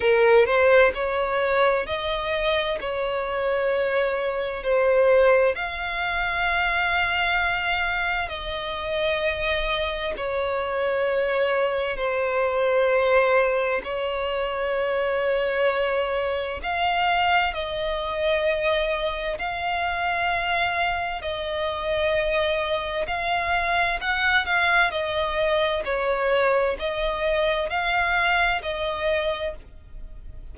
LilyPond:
\new Staff \with { instrumentName = "violin" } { \time 4/4 \tempo 4 = 65 ais'8 c''8 cis''4 dis''4 cis''4~ | cis''4 c''4 f''2~ | f''4 dis''2 cis''4~ | cis''4 c''2 cis''4~ |
cis''2 f''4 dis''4~ | dis''4 f''2 dis''4~ | dis''4 f''4 fis''8 f''8 dis''4 | cis''4 dis''4 f''4 dis''4 | }